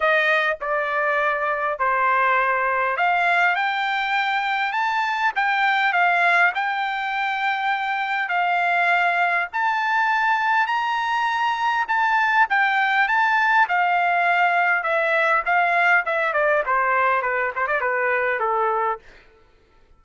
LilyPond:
\new Staff \with { instrumentName = "trumpet" } { \time 4/4 \tempo 4 = 101 dis''4 d''2 c''4~ | c''4 f''4 g''2 | a''4 g''4 f''4 g''4~ | g''2 f''2 |
a''2 ais''2 | a''4 g''4 a''4 f''4~ | f''4 e''4 f''4 e''8 d''8 | c''4 b'8 c''16 d''16 b'4 a'4 | }